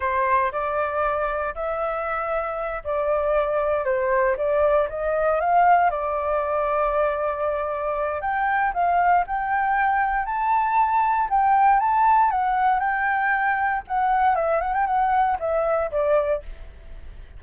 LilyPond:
\new Staff \with { instrumentName = "flute" } { \time 4/4 \tempo 4 = 117 c''4 d''2 e''4~ | e''4. d''2 c''8~ | c''8 d''4 dis''4 f''4 d''8~ | d''1 |
g''4 f''4 g''2 | a''2 g''4 a''4 | fis''4 g''2 fis''4 | e''8 fis''16 g''16 fis''4 e''4 d''4 | }